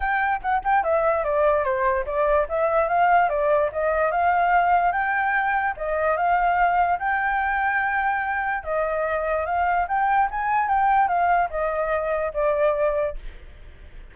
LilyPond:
\new Staff \with { instrumentName = "flute" } { \time 4/4 \tempo 4 = 146 g''4 fis''8 g''8 e''4 d''4 | c''4 d''4 e''4 f''4 | d''4 dis''4 f''2 | g''2 dis''4 f''4~ |
f''4 g''2.~ | g''4 dis''2 f''4 | g''4 gis''4 g''4 f''4 | dis''2 d''2 | }